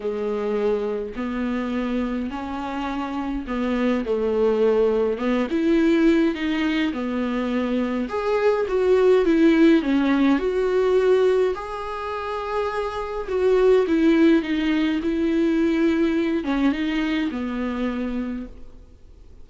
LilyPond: \new Staff \with { instrumentName = "viola" } { \time 4/4 \tempo 4 = 104 gis2 b2 | cis'2 b4 a4~ | a4 b8 e'4. dis'4 | b2 gis'4 fis'4 |
e'4 cis'4 fis'2 | gis'2. fis'4 | e'4 dis'4 e'2~ | e'8 cis'8 dis'4 b2 | }